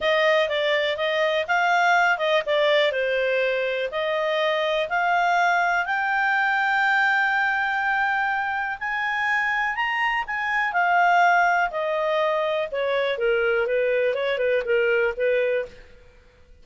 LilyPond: \new Staff \with { instrumentName = "clarinet" } { \time 4/4 \tempo 4 = 123 dis''4 d''4 dis''4 f''4~ | f''8 dis''8 d''4 c''2 | dis''2 f''2 | g''1~ |
g''2 gis''2 | ais''4 gis''4 f''2 | dis''2 cis''4 ais'4 | b'4 cis''8 b'8 ais'4 b'4 | }